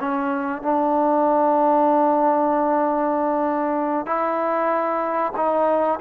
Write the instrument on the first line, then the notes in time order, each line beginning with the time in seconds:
trombone
0.00 C#4
0.62 D4
4.06 E4
5.37 D#4